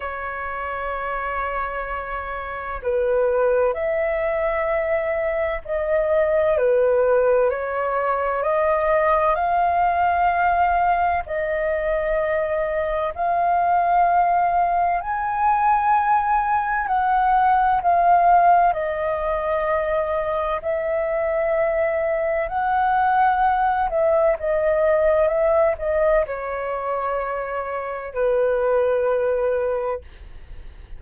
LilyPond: \new Staff \with { instrumentName = "flute" } { \time 4/4 \tempo 4 = 64 cis''2. b'4 | e''2 dis''4 b'4 | cis''4 dis''4 f''2 | dis''2 f''2 |
gis''2 fis''4 f''4 | dis''2 e''2 | fis''4. e''8 dis''4 e''8 dis''8 | cis''2 b'2 | }